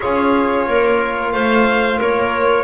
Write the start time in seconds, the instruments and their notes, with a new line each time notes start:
0.00 double bass C#4, trombone F4, clarinet G#4, violin C#5
0.67 double bass A#3, clarinet A#4
1.32 double bass A3, clarinet C5, violin F5
1.99 double bass A#3, clarinet A#4, violin C#5